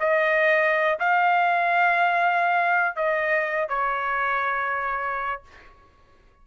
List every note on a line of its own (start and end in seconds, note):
0.00 0.99 D#5
1.00 2.96 F5
2.96 3.69 D#5
3.69 5.43 C#5